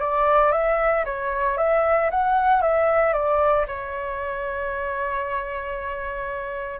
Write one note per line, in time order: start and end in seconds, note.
0.00 0.52 D5
0.52 1.04 E5
1.05 1.57 C#5
1.57 2.10 E5
2.10 2.61 F#5
2.61 3.13 E5
3.13 3.66 D5
3.67 6.80 C#5